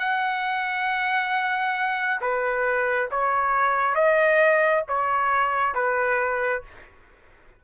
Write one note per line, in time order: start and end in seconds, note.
0.00 2.21 F#5
2.21 3.10 B4
3.12 3.95 C#5
3.95 4.84 D#5
4.89 5.75 C#5
5.75 6.63 B4